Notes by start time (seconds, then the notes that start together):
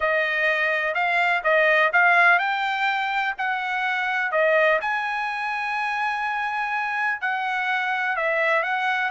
0.00 D#5
0.94 F5
1.43 D#5
1.92 F5
2.39 G5
3.38 F#5
4.31 D#5
4.81 G#5
7.21 F#5
8.16 E5
8.62 F#5